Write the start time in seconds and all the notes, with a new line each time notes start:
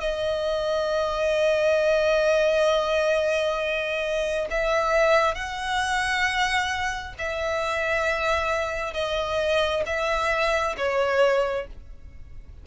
0.00 D#5
4.50 E5
5.34 F#5
7.18 E5
8.93 D#5
9.85 E5
10.77 C#5